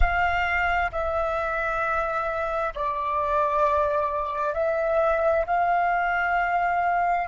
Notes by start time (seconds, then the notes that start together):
0.00 F5
0.91 E5
2.74 D5
4.54 E5
5.46 F5